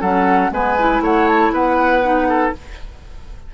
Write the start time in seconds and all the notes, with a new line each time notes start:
0.00 F#3 C#4 A4 F#5
0.50 G#3 B3 B4 G#5
0.79 E4
1.00 A3 C#5 F#5
1.27 A5
1.52 B3 B4 F#5
2.02 D#4
2.29 A4